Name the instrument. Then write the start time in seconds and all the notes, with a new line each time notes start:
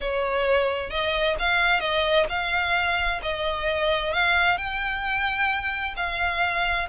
violin
0.00 C#5
0.90 D#5
1.39 F5
1.80 D#5
2.29 F5
3.22 D#5
4.13 F5
4.57 G5
5.96 F5